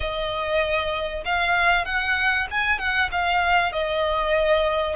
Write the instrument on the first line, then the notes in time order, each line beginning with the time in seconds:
violin
0.00 D#5
1.25 F5
1.85 F#5
2.50 G#5
2.78 F#5
3.11 F5
3.72 D#5